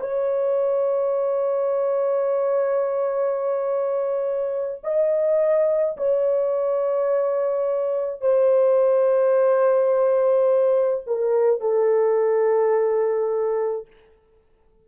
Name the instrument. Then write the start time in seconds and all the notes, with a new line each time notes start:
horn
0.00 C#5
4.83 D#5
5.97 C#5
8.21 C5
11.06 A#4
11.60 A4